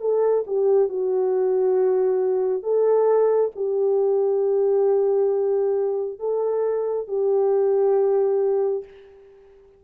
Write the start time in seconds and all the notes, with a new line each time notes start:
0.00 A4
0.46 G4
0.88 F#4
2.62 A4
3.55 G4
6.19 A4
7.07 G4